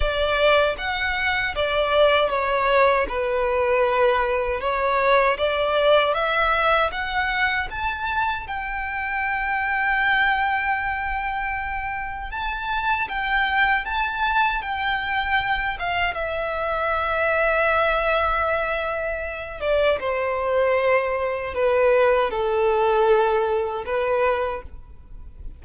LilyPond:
\new Staff \with { instrumentName = "violin" } { \time 4/4 \tempo 4 = 78 d''4 fis''4 d''4 cis''4 | b'2 cis''4 d''4 | e''4 fis''4 a''4 g''4~ | g''1 |
a''4 g''4 a''4 g''4~ | g''8 f''8 e''2.~ | e''4. d''8 c''2 | b'4 a'2 b'4 | }